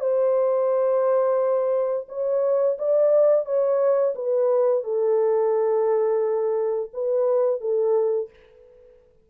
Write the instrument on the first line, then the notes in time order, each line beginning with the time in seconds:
horn
0.00 C5
2.08 C#5
2.78 D5
3.45 C#5
4.14 B4
4.83 A4
6.93 B4
7.61 A4